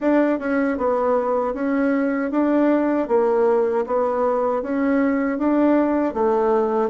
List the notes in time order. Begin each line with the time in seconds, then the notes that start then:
0.00 D4
0.38 C#4
0.77 B3
1.54 C#4
2.31 D4
3.08 A#3
3.86 B3
4.62 C#4
5.38 D4
6.14 A3